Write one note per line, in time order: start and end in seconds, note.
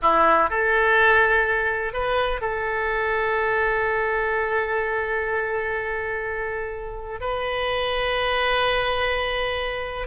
0.02 0.50 E4
0.50 1.93 A4
1.93 2.41 B4
2.41 7.20 A4
7.20 10.07 B4